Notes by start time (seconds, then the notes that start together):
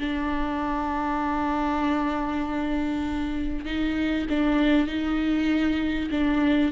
0.00 D4
3.66 D#4
4.30 D4
4.88 D#4
6.11 D4